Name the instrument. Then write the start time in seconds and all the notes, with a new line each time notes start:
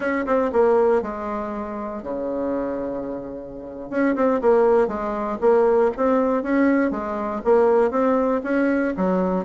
bassoon
0.00 C#4
0.26 C4
0.52 A#3
1.02 G#3
2.02 C#3
3.89 C#4
4.15 C4
4.41 A#3
4.87 G#3
5.41 A#3
5.96 C4
6.42 C#4
6.91 G#3
7.44 A#3
7.90 C4
8.43 C#4
8.96 F#3